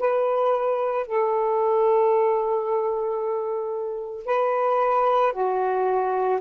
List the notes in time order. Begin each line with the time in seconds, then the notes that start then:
0.00 B4
1.07 A4
4.26 B4
5.33 F#4